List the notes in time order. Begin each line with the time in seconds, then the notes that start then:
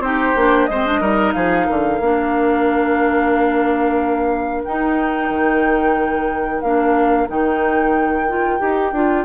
0.00 C4 D#4 G4 C5
0.36 A#3 D4
0.66 G#3 C4 C5 D#5
0.86 D4
1.01 G3 D#4 A#4
1.33 F3 G#4 F5
1.66 D3 A#4
2.01 A#3 D4
4.65 D#4 G5
5.30 D#3
6.62 A#3 D4 F5
7.28 D#3 D#4 G5
8.29 F4
8.60 D#4 G4
8.93 D4 F4